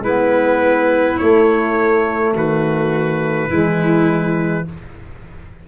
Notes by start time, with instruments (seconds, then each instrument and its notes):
0.00 tuba G#3, trombone B3, violin E4, trumpet B4
1.18 trombone A3, tuba A3, trumpet C#5
2.34 tuba D#3, violin F#4, trumpet B4
3.49 tuba E3, trombone G#3, violin E4